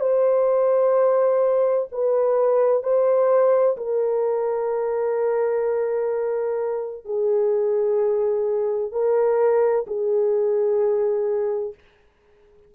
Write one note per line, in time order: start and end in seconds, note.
0.00 1.87 C5
1.92 2.83 B4
2.83 3.76 C5
3.77 7.04 A#4
7.04 8.91 G#4
8.91 9.85 A#4
9.87 11.74 G#4